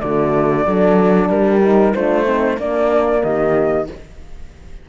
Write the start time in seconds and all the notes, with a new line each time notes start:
0.00 D3 A3 F#4 D5
0.65 F#3 D4 A4
1.28 G3 G4 A#4
1.62 D#4
1.94 A3 D4 F4 C5
2.25 C4 D#4
2.58 A#3 D4 D5
3.22 D#3 G4 D#5